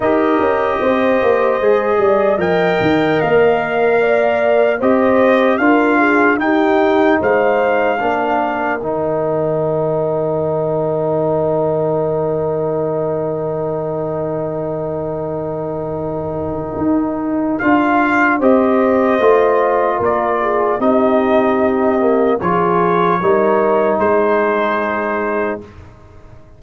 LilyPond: <<
  \new Staff \with { instrumentName = "trumpet" } { \time 4/4 \tempo 4 = 75 dis''2. g''4 | f''2 dis''4 f''4 | g''4 f''2 g''4~ | g''1~ |
g''1~ | g''2 f''4 dis''4~ | dis''4 d''4 dis''2 | cis''2 c''2 | }
  \new Staff \with { instrumentName = "horn" } { \time 4/4 ais'4 c''4. d''8 dis''4~ | dis''4 d''4 c''4 ais'8 gis'8 | g'4 c''4 ais'2~ | ais'1~ |
ais'1~ | ais'2. c''4~ | c''4 ais'8 gis'8 g'2 | gis'4 ais'4 gis'2 | }
  \new Staff \with { instrumentName = "trombone" } { \time 4/4 g'2 gis'4 ais'4~ | ais'2 g'4 f'4 | dis'2 d'4 dis'4~ | dis'1~ |
dis'1~ | dis'2 f'4 g'4 | f'2 dis'4. ais8 | f'4 dis'2. | }
  \new Staff \with { instrumentName = "tuba" } { \time 4/4 dis'8 cis'8 c'8 ais8 gis8 g8 f8 dis8 | ais2 c'4 d'4 | dis'4 gis4 ais4 dis4~ | dis1~ |
dis1~ | dis4 dis'4 d'4 c'4 | a4 ais4 c'2 | f4 g4 gis2 | }
>>